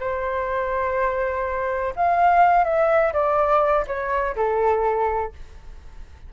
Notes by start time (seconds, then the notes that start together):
0.00 C5
1.96 F5
2.65 E5
3.13 D5
3.87 C#5
4.36 A4